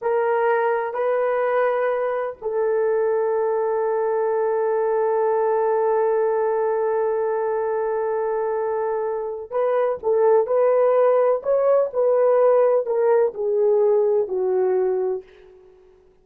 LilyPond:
\new Staff \with { instrumentName = "horn" } { \time 4/4 \tempo 4 = 126 ais'2 b'2~ | b'4 a'2.~ | a'1~ | a'1~ |
a'1 | b'4 a'4 b'2 | cis''4 b'2 ais'4 | gis'2 fis'2 | }